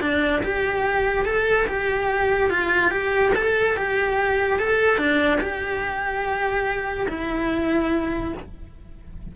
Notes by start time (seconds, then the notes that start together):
0.00 D4
0.42 G4
1.25 A4
1.67 G4
2.50 F4
2.90 G4
3.35 A4
3.76 G4
4.59 A4
4.97 D4
5.40 G4
7.08 E4